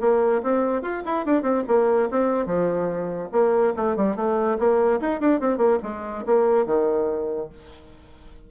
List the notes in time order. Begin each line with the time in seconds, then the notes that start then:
0.00 A#3
0.42 C4
0.82 F4
1.05 E4
1.25 D4
1.42 C4
1.67 A#3
2.11 C4
2.46 F3
3.32 A#3
3.76 A3
3.96 G3
4.16 A3
4.58 A#3
5.01 D#4
5.20 D4
5.40 C4
5.57 A#3
5.83 G#3
6.26 A#3
6.66 D#3